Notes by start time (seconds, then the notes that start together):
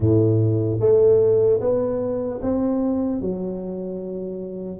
0.00 A2
0.80 A3
1.60 B3
2.41 C4
3.21 F#3